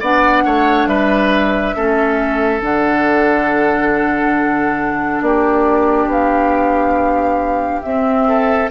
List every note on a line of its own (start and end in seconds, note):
0.00 0.45 B3
0.00 1.75 D4
0.00 0.43 D5
0.00 0.87 F#5
0.45 0.87 A3
0.45 0.89 C#5
0.87 1.74 G3
0.87 1.76 B4
0.87 2.61 E5
1.75 2.62 A3
1.75 2.60 C#4
1.75 5.24 A4
2.60 5.22 D3
2.60 7.82 D4
2.60 5.23 F#5
5.22 6.07 A#3
5.22 8.28 G4
5.22 6.10 D5
6.07 7.81 B3
6.07 7.82 F5
7.82 8.70 C4
7.82 8.71 C4
7.82 8.69 E5
8.28 8.71 A4